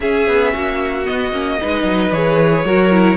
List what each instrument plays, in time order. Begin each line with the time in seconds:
0.00 viola C#4, cello C#4, violin G#4 E5
0.27 cello B3
0.53 cello A#3, violin F#4
1.05 viola B3, cello B3, violin D#5
1.32 cello A#3, viola C#4
1.60 cello G#3, viola D#4, violin B4
1.83 cello F#3
2.11 cello E3, viola G#4, violin C#5
2.65 cello F#3, viola F#4, violin A#4
2.90 viola E4